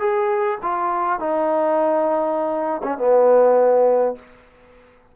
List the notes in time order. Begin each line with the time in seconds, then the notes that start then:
0.00 G#4
0.63 F4
1.20 D#4
2.84 C#4
2.98 B3